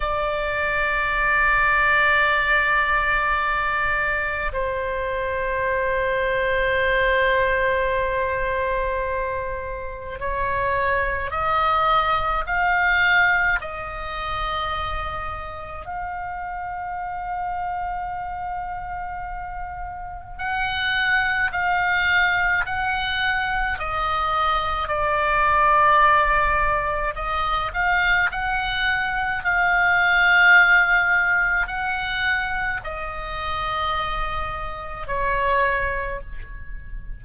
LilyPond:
\new Staff \with { instrumentName = "oboe" } { \time 4/4 \tempo 4 = 53 d''1 | c''1~ | c''4 cis''4 dis''4 f''4 | dis''2 f''2~ |
f''2 fis''4 f''4 | fis''4 dis''4 d''2 | dis''8 f''8 fis''4 f''2 | fis''4 dis''2 cis''4 | }